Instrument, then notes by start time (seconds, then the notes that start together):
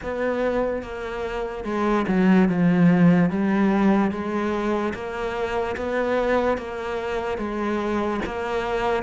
cello
0.03 B3
0.82 A#3
1.64 G#3
2.07 F#3
2.48 F3
3.30 G3
4.11 G#3
4.94 A#3
5.76 B3
6.57 A#3
7.37 G#3
8.25 A#3